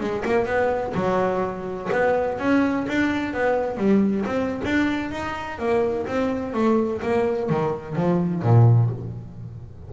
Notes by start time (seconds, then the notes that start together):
0.00 G#3
0.25 A#3
0.46 B3
0.94 F#3
1.92 B3
2.39 C#4
2.88 D4
3.34 B3
3.77 G3
4.26 C4
4.65 D4
5.11 D#4
5.59 A#3
6.07 C4
6.53 A3
7.02 A#3
7.49 D#3
7.96 F3
8.42 A#2